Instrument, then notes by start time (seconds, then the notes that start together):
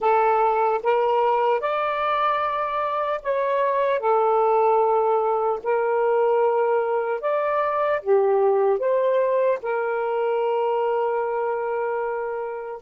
saxophone
0.00 A4
0.83 A#4
1.60 D5
3.22 C#5
3.99 A4
5.63 A#4
7.20 D5
8.01 G4
8.78 C5
9.62 A#4